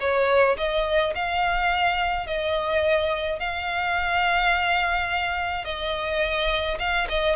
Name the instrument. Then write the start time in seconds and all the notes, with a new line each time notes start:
violin
0.00 C#5
0.57 D#5
1.15 F5
2.26 D#5
3.39 F5
5.64 D#5
6.79 F5
7.09 D#5